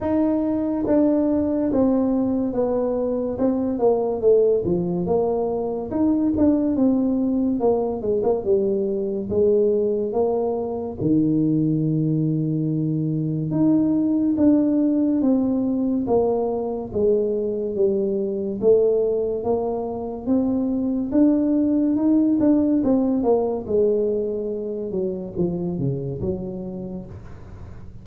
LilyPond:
\new Staff \with { instrumentName = "tuba" } { \time 4/4 \tempo 4 = 71 dis'4 d'4 c'4 b4 | c'8 ais8 a8 f8 ais4 dis'8 d'8 | c'4 ais8 gis16 ais16 g4 gis4 | ais4 dis2. |
dis'4 d'4 c'4 ais4 | gis4 g4 a4 ais4 | c'4 d'4 dis'8 d'8 c'8 ais8 | gis4. fis8 f8 cis8 fis4 | }